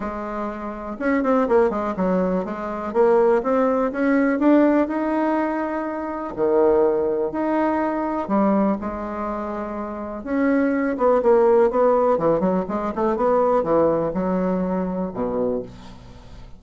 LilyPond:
\new Staff \with { instrumentName = "bassoon" } { \time 4/4 \tempo 4 = 123 gis2 cis'8 c'8 ais8 gis8 | fis4 gis4 ais4 c'4 | cis'4 d'4 dis'2~ | dis'4 dis2 dis'4~ |
dis'4 g4 gis2~ | gis4 cis'4. b8 ais4 | b4 e8 fis8 gis8 a8 b4 | e4 fis2 b,4 | }